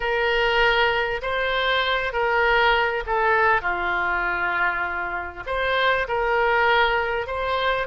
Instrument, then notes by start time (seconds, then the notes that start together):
oboe
0.00 A#4
1.22 C5
2.12 A#4
3.06 A4
3.61 F4
5.46 C5
6.08 A#4
7.26 C5